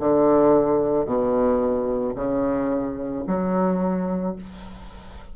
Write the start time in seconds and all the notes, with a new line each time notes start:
0.00 D3
1.05 B2
2.15 C#3
3.27 F#3